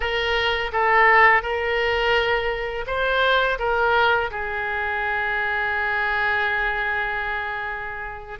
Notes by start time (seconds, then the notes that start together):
0.00 A#4
0.72 A4
1.42 A#4
2.86 C5
3.58 A#4
4.30 G#4